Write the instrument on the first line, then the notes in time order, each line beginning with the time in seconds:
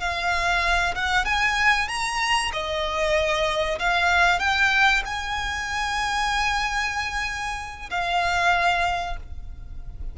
violin
0.00 F5
0.95 F#5
1.25 G#5
1.88 A#5
2.53 D#5
3.80 F5
4.40 G5
5.06 G#5
7.91 F5